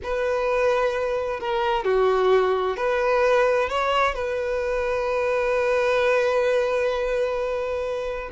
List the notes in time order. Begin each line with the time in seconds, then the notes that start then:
0.03 B4
1.40 A#4
1.84 F#4
2.77 B4
3.69 C#5
4.14 B4